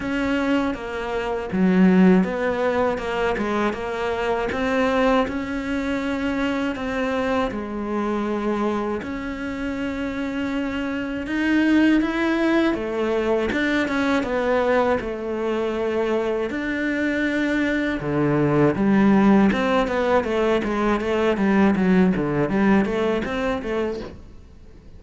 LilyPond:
\new Staff \with { instrumentName = "cello" } { \time 4/4 \tempo 4 = 80 cis'4 ais4 fis4 b4 | ais8 gis8 ais4 c'4 cis'4~ | cis'4 c'4 gis2 | cis'2. dis'4 |
e'4 a4 d'8 cis'8 b4 | a2 d'2 | d4 g4 c'8 b8 a8 gis8 | a8 g8 fis8 d8 g8 a8 c'8 a8 | }